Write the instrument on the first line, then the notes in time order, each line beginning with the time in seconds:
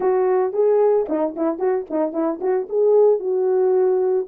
horn
0.00 F#4
0.52 G#4
1.09 D#4
1.36 E4
1.59 F#4
1.90 D#4
2.13 E4
2.40 F#4
2.69 G#4
3.19 F#4